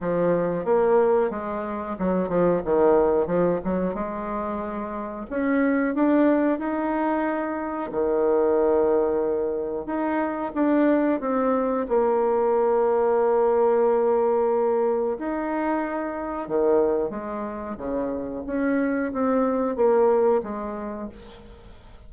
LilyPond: \new Staff \with { instrumentName = "bassoon" } { \time 4/4 \tempo 4 = 91 f4 ais4 gis4 fis8 f8 | dis4 f8 fis8 gis2 | cis'4 d'4 dis'2 | dis2. dis'4 |
d'4 c'4 ais2~ | ais2. dis'4~ | dis'4 dis4 gis4 cis4 | cis'4 c'4 ais4 gis4 | }